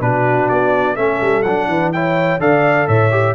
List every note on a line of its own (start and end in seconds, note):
0.00 0.48 B2
0.00 0.96 D4
0.00 0.95 F#4
0.00 0.48 B4
0.48 0.96 B3
0.48 0.96 D5
0.95 1.19 A3
0.95 1.43 C#4
0.95 1.67 A4
0.95 1.42 E5
1.21 1.44 G3
1.42 1.67 F#3
1.42 1.94 D4
1.42 1.90 F#5
1.67 2.38 E3
1.67 1.93 B4
1.92 2.39 E4
1.92 2.40 C#5
1.92 2.40 G5
2.39 2.86 D3
2.39 3.10 A4
2.39 2.87 D5
2.39 2.87 F5
2.87 3.35 A2
2.87 3.35 C#5
2.87 3.35 E5
3.10 3.34 G4